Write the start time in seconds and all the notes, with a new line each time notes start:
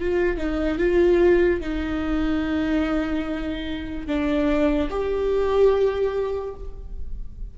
0.00 F4
0.38 D#4
0.79 F4
1.61 D#4
4.07 D4
4.90 G4